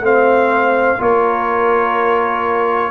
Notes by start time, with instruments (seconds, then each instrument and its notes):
0.00 tuba A3, trombone C4, trumpet F5
0.06 horn C5
0.98 tuba A#3, trombone F4, horn A#4, trumpet C#5